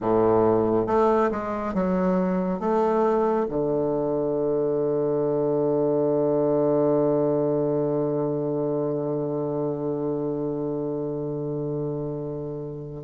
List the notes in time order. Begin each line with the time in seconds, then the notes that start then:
0.00 A2
0.87 A3
1.31 G#3
1.74 F#3
2.59 A3
3.49 D3